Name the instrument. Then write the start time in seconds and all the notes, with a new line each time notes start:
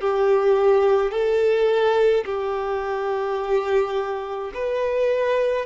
violin
0.00 G4
1.11 A4
2.25 G4
4.53 B4